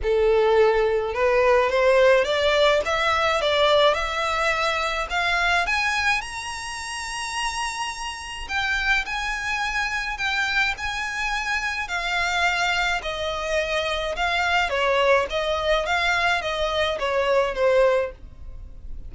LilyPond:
\new Staff \with { instrumentName = "violin" } { \time 4/4 \tempo 4 = 106 a'2 b'4 c''4 | d''4 e''4 d''4 e''4~ | e''4 f''4 gis''4 ais''4~ | ais''2. g''4 |
gis''2 g''4 gis''4~ | gis''4 f''2 dis''4~ | dis''4 f''4 cis''4 dis''4 | f''4 dis''4 cis''4 c''4 | }